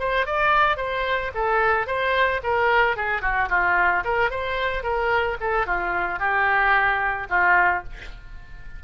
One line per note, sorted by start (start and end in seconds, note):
0.00 0.27 C5
0.27 0.77 D5
0.77 1.31 C5
1.35 1.87 A4
1.87 2.41 C5
2.44 2.97 A#4
2.97 3.22 G#4
3.22 3.49 F#4
3.50 4.04 F4
4.05 4.31 A#4
4.31 4.84 C5
4.84 5.38 A#4
5.41 5.67 A4
5.67 6.19 F4
6.19 7.28 G4
7.30 7.84 F4